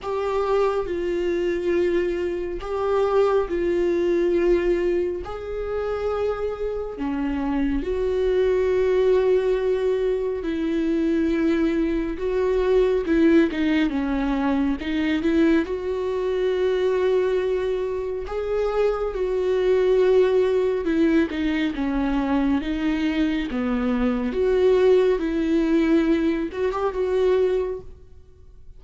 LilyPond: \new Staff \with { instrumentName = "viola" } { \time 4/4 \tempo 4 = 69 g'4 f'2 g'4 | f'2 gis'2 | cis'4 fis'2. | e'2 fis'4 e'8 dis'8 |
cis'4 dis'8 e'8 fis'2~ | fis'4 gis'4 fis'2 | e'8 dis'8 cis'4 dis'4 b4 | fis'4 e'4. fis'16 g'16 fis'4 | }